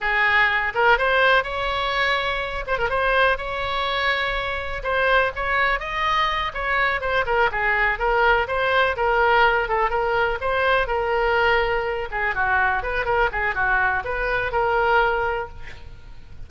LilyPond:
\new Staff \with { instrumentName = "oboe" } { \time 4/4 \tempo 4 = 124 gis'4. ais'8 c''4 cis''4~ | cis''4. c''16 ais'16 c''4 cis''4~ | cis''2 c''4 cis''4 | dis''4. cis''4 c''8 ais'8 gis'8~ |
gis'8 ais'4 c''4 ais'4. | a'8 ais'4 c''4 ais'4.~ | ais'4 gis'8 fis'4 b'8 ais'8 gis'8 | fis'4 b'4 ais'2 | }